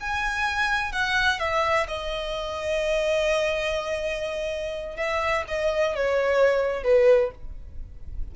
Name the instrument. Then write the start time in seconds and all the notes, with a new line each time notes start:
violin
0.00 G#5
0.92 F#5
1.39 E5
1.87 D#5
4.97 E5
5.48 D#5
5.95 C#5
6.83 B4